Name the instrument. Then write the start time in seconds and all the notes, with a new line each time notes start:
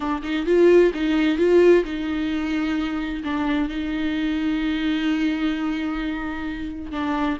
viola
0.00 D4
0.22 D#4
0.46 F4
0.94 D#4
1.37 F4
1.84 D#4
3.24 D4
3.68 D#4
6.91 D4